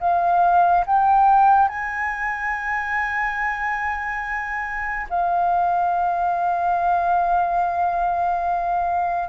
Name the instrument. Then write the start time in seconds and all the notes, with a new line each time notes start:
flute
0.00 F5
0.86 G5
1.69 G#5
5.10 F5